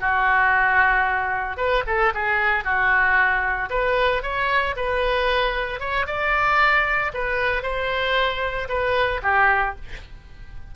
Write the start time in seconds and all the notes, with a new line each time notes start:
0.00 F#4
1.57 B4
1.86 A4
2.14 G#4
2.64 F#4
3.70 B4
4.22 C#5
4.76 B4
5.80 C#5
6.06 D5
7.14 B4
7.62 C5
8.68 B4
9.22 G4